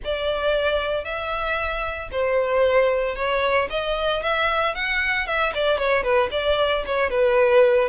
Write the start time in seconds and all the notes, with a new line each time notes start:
0.04 D5
1.04 E5
2.11 C5
3.15 C#5
3.70 D#5
4.22 E5
4.74 F#5
5.26 E5
5.54 D5
5.78 C#5
6.03 B4
6.31 D5
6.86 C#5
7.10 B4